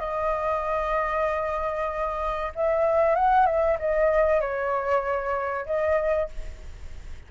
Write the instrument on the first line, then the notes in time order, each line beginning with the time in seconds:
flute
0.00 D#5
2.56 E5
3.16 F#5
3.47 E5
3.80 D#5
4.41 C#5
5.66 D#5